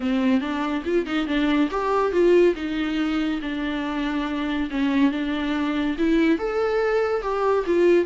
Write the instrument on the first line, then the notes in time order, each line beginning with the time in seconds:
viola
0.00 C4
0.40 D4
0.85 F4
1.05 D#4
1.26 D4
1.70 G4
2.11 F4
2.55 D#4
3.41 D4
4.70 C#4
5.11 D4
5.97 E4
6.38 A4
7.22 G4
7.66 F4